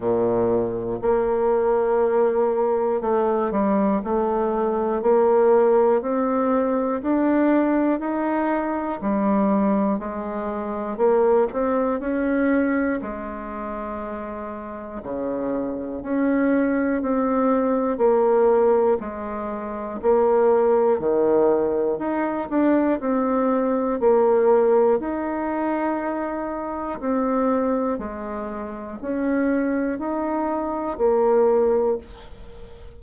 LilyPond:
\new Staff \with { instrumentName = "bassoon" } { \time 4/4 \tempo 4 = 60 ais,4 ais2 a8 g8 | a4 ais4 c'4 d'4 | dis'4 g4 gis4 ais8 c'8 | cis'4 gis2 cis4 |
cis'4 c'4 ais4 gis4 | ais4 dis4 dis'8 d'8 c'4 | ais4 dis'2 c'4 | gis4 cis'4 dis'4 ais4 | }